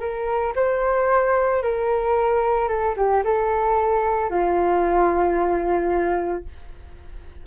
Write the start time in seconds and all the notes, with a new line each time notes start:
0.00 A#4
0.56 C5
1.62 A#4
2.68 A4
2.97 G4
3.24 A4
4.30 F4